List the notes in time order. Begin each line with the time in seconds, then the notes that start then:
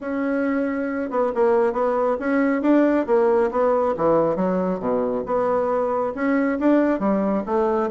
0.01 C#4
1.10 B3
1.35 A#3
1.72 B3
2.19 C#4
2.62 D4
3.06 A#3
3.51 B3
3.96 E3
4.36 F#3
4.79 B2
5.26 B3
6.14 C#4
6.59 D4
6.99 G3
7.46 A3